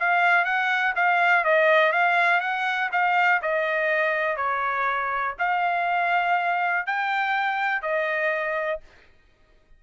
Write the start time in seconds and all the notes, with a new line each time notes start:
0.00 F5
0.45 F#5
0.96 F5
1.45 D#5
1.92 F5
2.41 F#5
2.92 F5
3.42 D#5
4.36 C#5
5.39 F5
6.87 G5
7.82 D#5